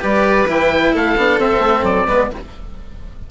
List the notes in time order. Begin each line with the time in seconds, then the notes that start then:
0.00 G3 G4 B4 D5
0.48 E3 E4 G5
0.93 A3 A4 F5
1.17 B3 D4
1.38 C4 E5
1.60 A3
1.83 F#3 D5
2.07 G#3 B3 B4